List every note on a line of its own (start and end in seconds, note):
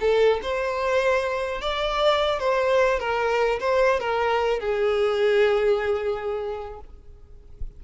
0.00 0.40 A4
0.42 1.61 C5
1.61 2.39 D5
2.39 2.99 C5
2.99 3.59 A#4
3.59 3.99 C5
3.99 4.59 A#4
4.59 6.79 G#4